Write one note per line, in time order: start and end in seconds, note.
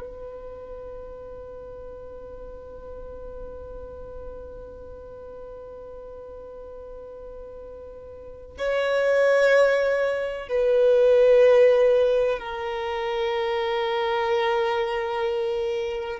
0.00 8.57 B4
8.58 10.48 C#5
10.48 12.39 B4
12.39 16.19 A#4